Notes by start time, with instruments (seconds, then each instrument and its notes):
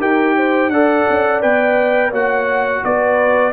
0.00 tuba D#4, trombone G4, horn A#4, trumpet G5
0.37 horn C5
0.69 tuba D4, trombone A4, horn D5, trumpet F#5
1.10 tuba C#4
1.42 tuba B3, trombone B4, trumpet G5
2.10 tuba A#3, trombone F#4, horn C#5, trumpet F#5
2.85 tuba B3, horn B4, trumpet D5